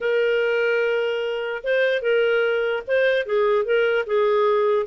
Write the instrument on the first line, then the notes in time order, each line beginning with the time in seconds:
clarinet
0.00 A#4
1.63 C5
2.01 A#4
2.87 C5
3.26 G#4
3.64 A#4
4.06 G#4